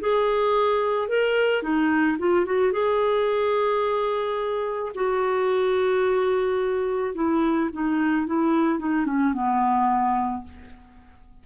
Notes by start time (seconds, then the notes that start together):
0.00 G#4
1.08 A#4
1.62 D#4
2.18 F4
2.45 F#4
2.72 G#4
4.94 F#4
7.14 E4
7.72 D#4
8.26 E4
8.78 D#4
9.06 C#4
9.33 B3